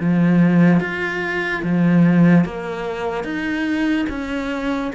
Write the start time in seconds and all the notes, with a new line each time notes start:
0.00 F3
0.80 F4
1.63 F3
2.45 A#3
3.24 D#4
4.09 C#4